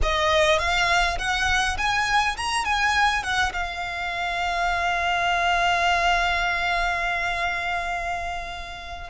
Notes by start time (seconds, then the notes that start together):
0.02 D#5
0.59 F5
1.18 F#5
1.77 G#5
2.37 A#5
2.64 G#5
3.23 F#5
3.52 F5